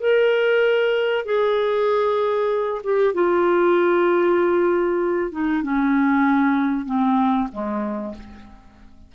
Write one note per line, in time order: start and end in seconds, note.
0.00 1.25 A#4
1.25 2.82 G#4
2.84 3.14 G4
3.14 5.32 F4
5.32 5.63 D#4
5.63 6.86 C#4
6.86 7.48 C4
7.52 8.14 G#3